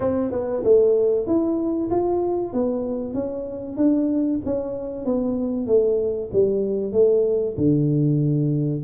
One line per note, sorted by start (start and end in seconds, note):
0.00 0.31 C4
0.31 0.63 B3
0.63 1.26 A3
1.26 1.89 E4
1.90 2.53 F4
2.53 3.13 B3
3.13 3.76 C#4
3.76 4.40 D4
4.45 5.05 C#4
5.05 5.66 B3
5.66 6.30 A3
6.32 6.92 G3
6.92 7.55 A3
7.57 8.83 D3